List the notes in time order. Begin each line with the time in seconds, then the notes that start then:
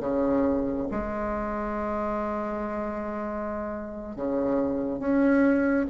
0.00 C#3
0.91 G#3
4.16 C#3
4.99 C#4